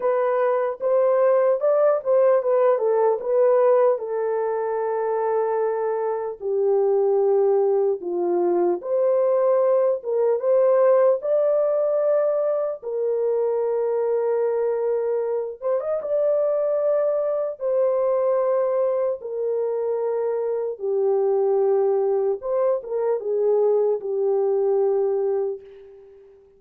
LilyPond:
\new Staff \with { instrumentName = "horn" } { \time 4/4 \tempo 4 = 75 b'4 c''4 d''8 c''8 b'8 a'8 | b'4 a'2. | g'2 f'4 c''4~ | c''8 ais'8 c''4 d''2 |
ais'2.~ ais'8 c''16 dis''16 | d''2 c''2 | ais'2 g'2 | c''8 ais'8 gis'4 g'2 | }